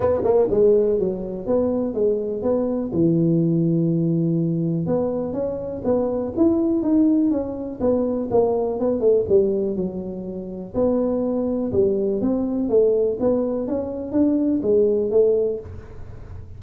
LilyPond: \new Staff \with { instrumentName = "tuba" } { \time 4/4 \tempo 4 = 123 b8 ais8 gis4 fis4 b4 | gis4 b4 e2~ | e2 b4 cis'4 | b4 e'4 dis'4 cis'4 |
b4 ais4 b8 a8 g4 | fis2 b2 | g4 c'4 a4 b4 | cis'4 d'4 gis4 a4 | }